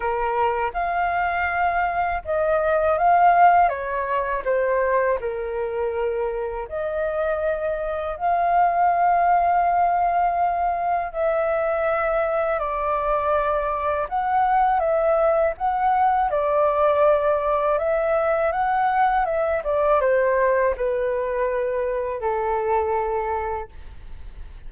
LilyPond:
\new Staff \with { instrumentName = "flute" } { \time 4/4 \tempo 4 = 81 ais'4 f''2 dis''4 | f''4 cis''4 c''4 ais'4~ | ais'4 dis''2 f''4~ | f''2. e''4~ |
e''4 d''2 fis''4 | e''4 fis''4 d''2 | e''4 fis''4 e''8 d''8 c''4 | b'2 a'2 | }